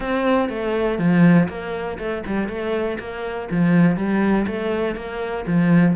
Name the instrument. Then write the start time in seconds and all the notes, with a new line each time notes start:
cello
0.00 C4
0.49 A3
0.98 F3
1.48 A#3
1.98 A3
2.26 G3
2.48 A3
2.99 A#3
3.50 F3
3.96 G3
4.47 A3
4.95 A#3
5.47 F3